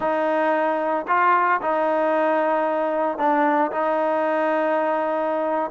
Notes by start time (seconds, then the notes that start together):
0.00 D#4
1.07 F4
1.61 D#4
3.18 D4
3.71 D#4